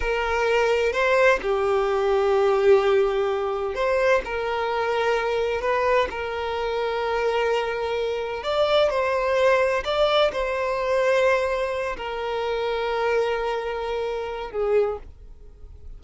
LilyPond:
\new Staff \with { instrumentName = "violin" } { \time 4/4 \tempo 4 = 128 ais'2 c''4 g'4~ | g'1 | c''4 ais'2. | b'4 ais'2.~ |
ais'2 d''4 c''4~ | c''4 d''4 c''2~ | c''4. ais'2~ ais'8~ | ais'2. gis'4 | }